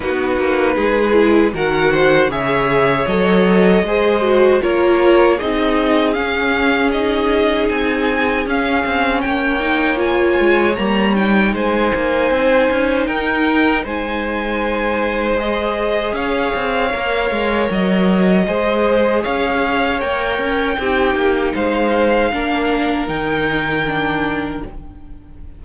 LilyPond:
<<
  \new Staff \with { instrumentName = "violin" } { \time 4/4 \tempo 4 = 78 b'2 fis''4 e''4 | dis''2 cis''4 dis''4 | f''4 dis''4 gis''4 f''4 | g''4 gis''4 ais''8 g''8 gis''4~ |
gis''4 g''4 gis''2 | dis''4 f''2 dis''4~ | dis''4 f''4 g''2 | f''2 g''2 | }
  \new Staff \with { instrumentName = "violin" } { \time 4/4 fis'4 gis'4 ais'8 c''8 cis''4~ | cis''4 c''4 ais'4 gis'4~ | gis'1 | cis''2. c''4~ |
c''4 ais'4 c''2~ | c''4 cis''2. | c''4 cis''2 g'4 | c''4 ais'2. | }
  \new Staff \with { instrumentName = "viola" } { \time 4/4 dis'4. e'8 fis'4 gis'4 | a'4 gis'8 fis'8 f'4 dis'4 | cis'4 dis'2 cis'4~ | cis'8 dis'8 f'4 ais8 dis'4.~ |
dis'1 | gis'2 ais'2 | gis'2 ais'4 dis'4~ | dis'4 d'4 dis'4 d'4 | }
  \new Staff \with { instrumentName = "cello" } { \time 4/4 b8 ais8 gis4 dis4 cis4 | fis4 gis4 ais4 c'4 | cis'2 c'4 cis'8 c'8 | ais4. gis8 g4 gis8 ais8 |
c'8 cis'8 dis'4 gis2~ | gis4 cis'8 c'8 ais8 gis8 fis4 | gis4 cis'4 ais8 cis'8 c'8 ais8 | gis4 ais4 dis2 | }
>>